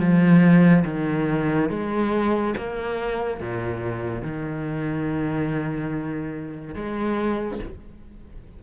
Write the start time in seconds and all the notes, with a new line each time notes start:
0.00 F3
0.85 D#3
1.70 G#3
2.57 A#3
3.41 A#2
4.22 D#3
6.75 G#3